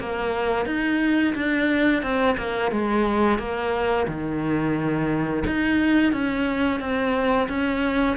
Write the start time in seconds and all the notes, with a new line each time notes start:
0.00 A#3
0.66 D#4
1.35 D4
2.03 C4
2.38 A#3
2.71 G#3
3.39 A#3
4.08 D#3
5.46 D#4
6.13 C#4
6.80 C4
7.49 C#4